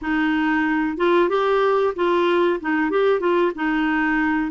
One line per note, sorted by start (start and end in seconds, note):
0.01 0.97 D#4
0.97 1.29 F4
1.29 1.94 G4
1.95 2.60 F4
2.60 2.90 D#4
2.90 3.19 G4
3.19 3.52 F4
3.55 4.51 D#4